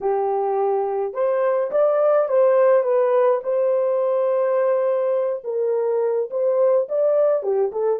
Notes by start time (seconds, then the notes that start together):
0.00 G4
1.13 C5
1.71 D5
2.28 C5
2.83 B4
3.43 C5
5.43 A#4
6.30 C5
6.89 D5
7.42 G4
7.71 A4